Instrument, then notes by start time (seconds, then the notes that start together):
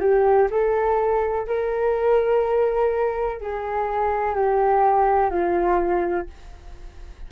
flute
0.00 G4
0.50 A4
1.47 A#4
3.40 G#4
4.35 G4
5.30 F4